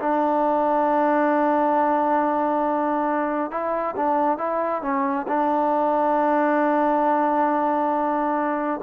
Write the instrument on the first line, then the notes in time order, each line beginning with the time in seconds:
trombone
0.00 D4
3.51 E4
3.96 D4
4.38 E4
4.82 C#4
5.28 D4